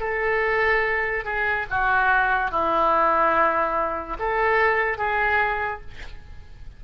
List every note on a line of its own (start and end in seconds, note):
0.00 1.25 A4
1.25 1.66 G#4
1.70 2.51 F#4
2.51 4.17 E4
4.19 4.98 A4
4.98 5.81 G#4